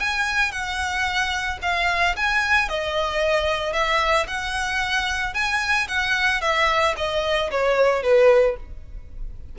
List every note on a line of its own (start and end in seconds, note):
0.00 0.51 G#5
0.51 1.59 F#5
1.62 2.16 F5
2.16 2.69 G#5
2.69 3.73 D#5
3.73 4.26 E5
4.27 5.34 F#5
5.34 5.88 G#5
5.88 6.41 F#5
6.41 6.95 E5
6.97 7.50 D#5
7.51 8.03 C#5
8.03 8.56 B4